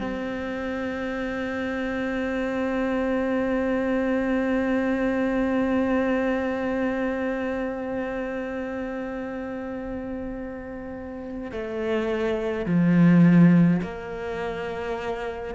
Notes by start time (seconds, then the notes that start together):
0.00 C4
11.51 A3
12.66 F3
13.82 A#3